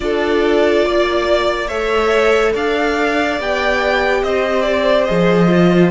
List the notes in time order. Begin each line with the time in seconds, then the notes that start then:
0.00 D4 F4 A4 D5
0.85 A#3 D5
1.68 A3 A4 C#5 E5
2.52 D4 D5 F5
3.39 B3 G4 G5
4.23 C4 C5 D#5
4.62 D5
5.04 F3 G#4 D#5
5.48 F4